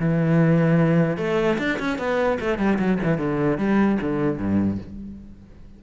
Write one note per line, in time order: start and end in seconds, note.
0.00 1.18 E3
1.18 1.58 A3
1.59 1.79 D4
1.80 1.99 C#4
1.99 2.39 B3
2.41 2.59 A3
2.59 2.79 G3
2.79 2.99 F#3
3.04 3.18 E3
3.18 3.59 D3
3.59 3.99 G3
4.02 4.38 D3
4.38 4.78 G2